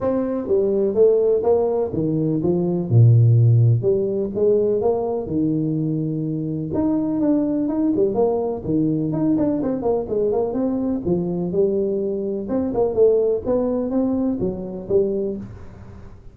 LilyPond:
\new Staff \with { instrumentName = "tuba" } { \time 4/4 \tempo 4 = 125 c'4 g4 a4 ais4 | dis4 f4 ais,2 | g4 gis4 ais4 dis4~ | dis2 dis'4 d'4 |
dis'8 g8 ais4 dis4 dis'8 d'8 | c'8 ais8 gis8 ais8 c'4 f4 | g2 c'8 ais8 a4 | b4 c'4 fis4 g4 | }